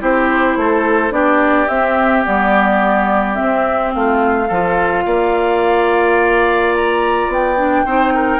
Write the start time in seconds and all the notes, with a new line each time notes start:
0.00 C4 E4 G4 C5
0.56 A3 A4
1.11 B3 D4 G4 D5
1.68 C4 E5
2.24 G3 B3 D5
3.34 C4 E5
3.40 C4
3.94 A3 F4 F5
4.48 F3 F4 A4
5.05 A#3 D5
6.75 A#5
7.28 B3 G5
7.57 D4
7.85 C4 D#4 C5
8.14 A#4